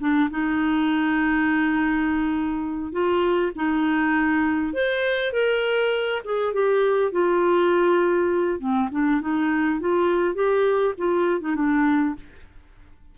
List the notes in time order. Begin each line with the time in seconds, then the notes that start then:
0.00 D4
0.30 D#4
2.92 F4
3.55 D#4
4.73 C5
5.33 A#4
6.25 G#4
6.53 G4
7.12 F4
8.59 C4
8.91 D4
9.21 D#4
9.80 F4
10.35 G4
10.98 F4
11.41 D#4
11.55 D4